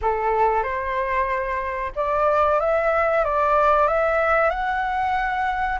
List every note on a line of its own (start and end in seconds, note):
0.01 0.63 A4
0.63 1.92 C5
1.95 2.60 D5
2.60 3.24 E5
3.24 3.87 D5
3.87 4.50 E5
4.50 5.79 F#5